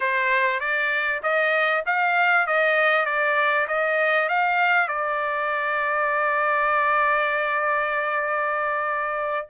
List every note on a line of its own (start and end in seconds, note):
0.00 0.60 C5
0.60 1.21 D5
1.22 1.84 D#5
1.85 2.46 F5
2.46 3.05 D#5
3.05 3.67 D5
3.67 4.28 D#5
4.28 4.88 F5
4.88 9.47 D5